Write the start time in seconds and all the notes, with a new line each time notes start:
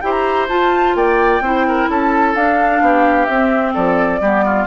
0.00 E4 G4 C5 G5
0.11 A#5
0.48 F4 A5
0.95 A#3 D5 G5
1.40 C4 E4 C5
1.68 A#4
1.89 C#4 A4 A5
2.34 D4 F5
2.81 B3 G4
3.25 C4 E5
3.73 F3 A4 D5
4.20 G3 B3 G4
4.45 F4